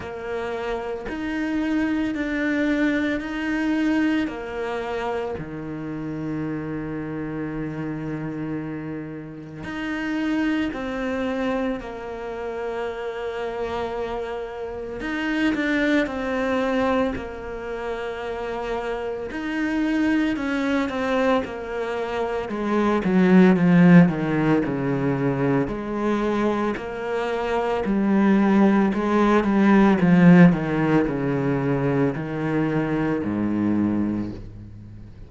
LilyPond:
\new Staff \with { instrumentName = "cello" } { \time 4/4 \tempo 4 = 56 ais4 dis'4 d'4 dis'4 | ais4 dis2.~ | dis4 dis'4 c'4 ais4~ | ais2 dis'8 d'8 c'4 |
ais2 dis'4 cis'8 c'8 | ais4 gis8 fis8 f8 dis8 cis4 | gis4 ais4 g4 gis8 g8 | f8 dis8 cis4 dis4 gis,4 | }